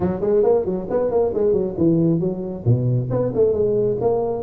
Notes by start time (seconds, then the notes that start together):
0.00 F#3
0.21 G#3
0.43 A#3
0.65 F#3
0.90 B3
1.10 A#3
1.34 G#3
1.52 F#3
1.77 E3
2.20 F#3
2.65 B2
3.10 B3
3.34 A3
3.53 G#3
4.00 A#3